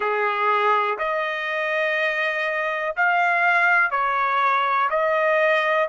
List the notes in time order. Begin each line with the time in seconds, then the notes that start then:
0.00 G#4
0.98 D#5
2.96 F5
3.90 C#5
4.90 D#5